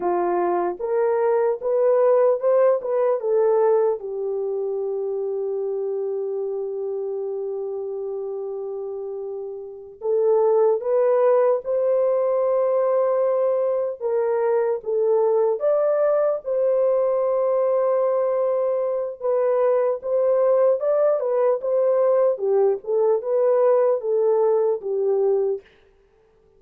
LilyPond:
\new Staff \with { instrumentName = "horn" } { \time 4/4 \tempo 4 = 75 f'4 ais'4 b'4 c''8 b'8 | a'4 g'2.~ | g'1~ | g'8 a'4 b'4 c''4.~ |
c''4. ais'4 a'4 d''8~ | d''8 c''2.~ c''8 | b'4 c''4 d''8 b'8 c''4 | g'8 a'8 b'4 a'4 g'4 | }